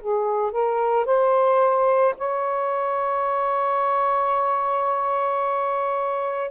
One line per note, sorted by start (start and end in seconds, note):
0.00 0.51 G#4
0.51 1.05 A#4
1.05 2.14 C5
2.18 6.51 C#5